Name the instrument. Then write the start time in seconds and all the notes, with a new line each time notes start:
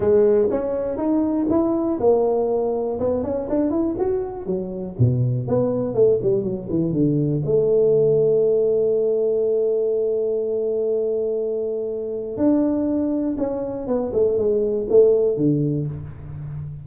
tuba
0.00 G#3
0.50 C#4
0.97 D#4
1.49 E4
1.99 A#3
2.99 B3
3.23 C#4
3.49 D4
3.70 E4
3.98 F#4
4.46 F#3
4.98 B2
5.47 B3
5.94 A3
6.22 G3
6.43 F#3
6.69 E3
6.92 D3
7.45 A3
12.37 D4
13.37 C#4
13.87 B3
14.13 A3
14.37 G#3
14.89 A3
15.37 D3